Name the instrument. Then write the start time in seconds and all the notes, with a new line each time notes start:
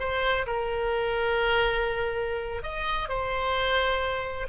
oboe
0.00 C5
0.47 A#4
2.63 D#5
3.09 C5